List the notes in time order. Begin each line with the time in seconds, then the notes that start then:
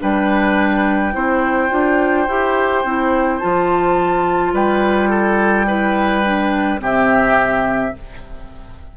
0.00 G3 D4 B4 G5
1.13 C4 E4 C5
1.70 D4 F4
2.28 E4 G4
2.85 C4 E4
3.39 F3 F4 A5
4.53 G3 B4 G5
5.10 A4
5.67 E4 B4
6.25 D4
6.79 C3 C4 G4 E5